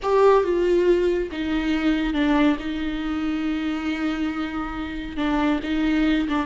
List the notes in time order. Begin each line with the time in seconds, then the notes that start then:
0.02 G4
0.43 F4
1.31 D#4
2.13 D4
2.59 D#4
5.16 D4
5.63 D#4
6.28 D4